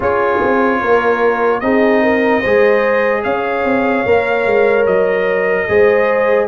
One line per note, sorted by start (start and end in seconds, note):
0.00 0.39 C#4
0.00 1.62 F4
0.00 0.79 G#4
0.00 1.60 C#5
0.41 0.81 C4
0.81 1.62 A#3
0.81 1.62 A#4
1.60 2.43 C4
1.60 2.43 D#4
1.60 2.02 G#4
1.60 3.22 D#5
2.02 2.40 A#4
2.40 3.25 G#3
2.40 4.06 G#4
2.40 3.21 C5
3.23 3.64 C#4
3.23 5.66 C#5
3.23 4.85 F5
3.64 4.05 C4
4.05 4.45 A#3
4.05 5.68 A#4
4.45 4.86 G#3
4.86 5.67 F#3
4.86 6.47 D#5
5.68 6.47 G#3
5.68 6.47 G#4
5.68 6.47 C5